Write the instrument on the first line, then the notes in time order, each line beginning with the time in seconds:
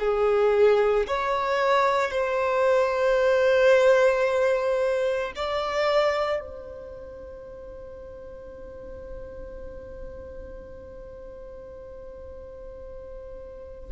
violin
0.00 G#4
1.08 C#5
2.11 C5
5.36 D5
6.41 C5